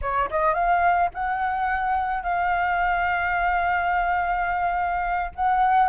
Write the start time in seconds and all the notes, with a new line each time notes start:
0.01 C#5
0.30 D#5
0.54 F5
1.13 F#5
2.23 F5
5.35 F#5